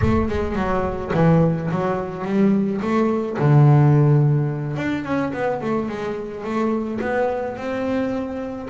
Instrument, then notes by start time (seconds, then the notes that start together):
double bass
0.01 A3
0.28 G#3
0.55 F#3
1.14 E3
1.70 F#3
2.24 G3
2.81 A3
3.38 D3
4.77 D4
5.04 C#4
5.33 B3
5.61 A3
5.89 G#3
6.44 A3
7.01 B3
7.56 C4